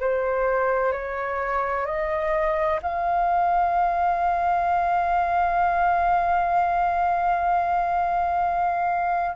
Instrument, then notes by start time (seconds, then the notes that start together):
flute
0.00 C5
0.92 C#5
1.85 D#5
2.82 F5